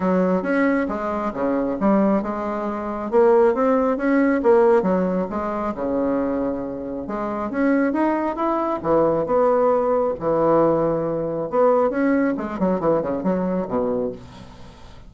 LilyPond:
\new Staff \with { instrumentName = "bassoon" } { \time 4/4 \tempo 4 = 136 fis4 cis'4 gis4 cis4 | g4 gis2 ais4 | c'4 cis'4 ais4 fis4 | gis4 cis2. |
gis4 cis'4 dis'4 e'4 | e4 b2 e4~ | e2 b4 cis'4 | gis8 fis8 e8 cis8 fis4 b,4 | }